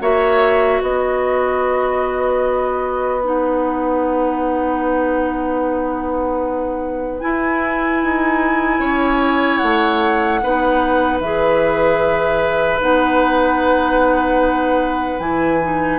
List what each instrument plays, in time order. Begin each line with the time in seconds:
0.00 bassoon A#3, clarinet F#4, oboe C#5, flute E5
0.81 bassoon B3, oboe B4, flute D#5
3.21 clarinet D#4, flute F#5
7.20 clarinet E4, bassoon E4, flute G#5
8.03 bassoon D#4
8.79 bassoon C#4, oboe C#5
9.57 bassoon A3, flute F#5
10.43 bassoon B3, clarinet D#4, oboe B4
11.20 bassoon E3, clarinet G#4, flute E5
12.80 bassoon B3, clarinet D#4, flute F#5
15.19 bassoon E3, clarinet E4, flute G#5
15.62 clarinet D#4